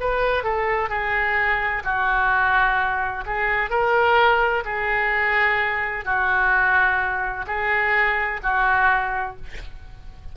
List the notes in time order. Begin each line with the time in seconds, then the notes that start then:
0.00 B4
0.44 A4
0.89 G#4
1.84 F#4
3.26 G#4
3.70 A#4
4.65 G#4
6.05 F#4
7.47 G#4
8.43 F#4